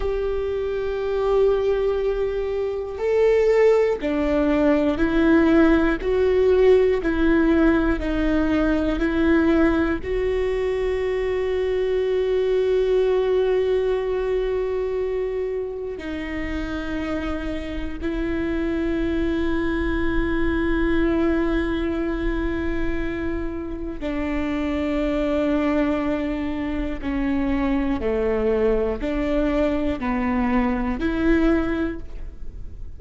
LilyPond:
\new Staff \with { instrumentName = "viola" } { \time 4/4 \tempo 4 = 60 g'2. a'4 | d'4 e'4 fis'4 e'4 | dis'4 e'4 fis'2~ | fis'1 |
dis'2 e'2~ | e'1 | d'2. cis'4 | a4 d'4 b4 e'4 | }